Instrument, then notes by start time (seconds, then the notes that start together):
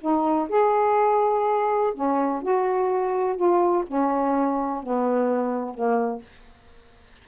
saxophone
0.00 D#4
0.49 G#4
1.94 C#4
2.42 F#4
3.36 F4
3.86 C#4
4.83 B3
5.74 A#3